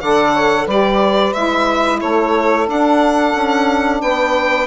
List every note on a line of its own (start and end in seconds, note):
0.00 0.67 D3
0.00 0.69 A4
0.00 0.33 D5
0.00 0.67 F#5
0.33 0.65 C#5
0.65 1.33 G3
0.65 1.34 G4
0.65 1.99 B4
0.65 1.33 D5
1.33 2.02 G#3
1.33 2.67 E4
1.33 2.00 E5
2.01 2.67 A3
2.01 4.01 A4
2.01 2.67 C#5
2.67 3.34 D4
2.67 4.67 D4
2.67 4.01 F#5
3.35 4.02 C#4
4.01 4.67 B3
4.01 4.67 B4
4.01 4.67 G5